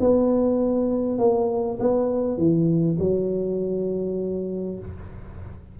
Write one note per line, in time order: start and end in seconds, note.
0.00 1.18 B3
1.18 1.78 A#3
1.80 2.38 B3
2.38 2.98 E3
2.99 4.79 F#3